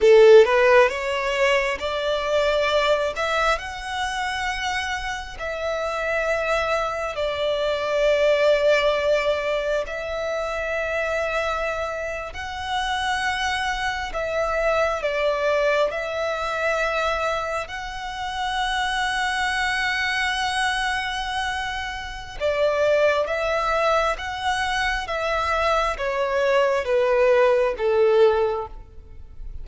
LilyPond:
\new Staff \with { instrumentName = "violin" } { \time 4/4 \tempo 4 = 67 a'8 b'8 cis''4 d''4. e''8 | fis''2 e''2 | d''2. e''4~ | e''4.~ e''16 fis''2 e''16~ |
e''8. d''4 e''2 fis''16~ | fis''1~ | fis''4 d''4 e''4 fis''4 | e''4 cis''4 b'4 a'4 | }